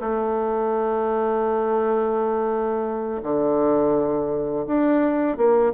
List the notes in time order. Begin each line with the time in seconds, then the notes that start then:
0.00 A3
3.23 D3
4.67 D4
5.37 A#3